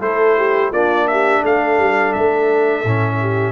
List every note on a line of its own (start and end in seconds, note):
0.00 0.71 A3
0.00 0.72 E4
0.00 0.37 A4
0.00 0.72 C5
0.37 0.70 G4
0.70 1.43 A#3
0.70 2.85 D4
0.70 1.06 F4
0.70 1.08 D5
1.08 1.41 G4
1.08 1.43 E5
1.41 1.78 A3
1.41 3.18 A4
1.41 2.13 F5
1.78 2.14 G3
2.13 2.84 A3
2.13 3.51 E5
2.84 3.51 A2
2.84 3.51 C#4
3.20 3.51 G4